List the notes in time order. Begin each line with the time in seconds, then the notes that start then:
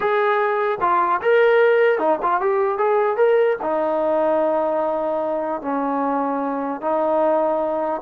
0.00 G#4
0.80 F4
1.22 A#4
1.99 D#4
2.22 F4
2.41 G4
2.77 G#4
3.16 A#4
3.62 D#4
5.61 C#4
6.81 D#4